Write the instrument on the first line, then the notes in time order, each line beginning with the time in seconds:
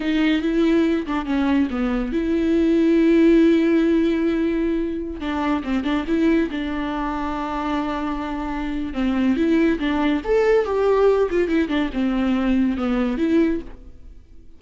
viola
0.00 D#4
0.42 E4
1.06 D4
1.25 C#4
1.70 B3
2.12 E4
5.20 D4
5.63 C4
5.84 D4
6.07 E4
6.50 D4
8.93 C4
9.36 E4
9.79 D4
10.24 A4
10.65 G4
11.30 F4
11.48 E4
11.68 D4
11.93 C4
12.77 B3
13.17 E4